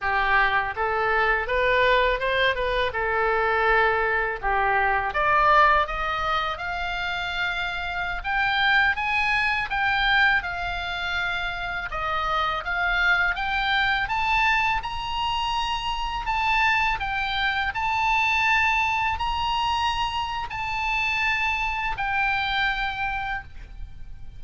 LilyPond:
\new Staff \with { instrumentName = "oboe" } { \time 4/4 \tempo 4 = 82 g'4 a'4 b'4 c''8 b'8 | a'2 g'4 d''4 | dis''4 f''2~ f''16 g''8.~ | g''16 gis''4 g''4 f''4.~ f''16~ |
f''16 dis''4 f''4 g''4 a''8.~ | a''16 ais''2 a''4 g''8.~ | g''16 a''2 ais''4.~ ais''16 | a''2 g''2 | }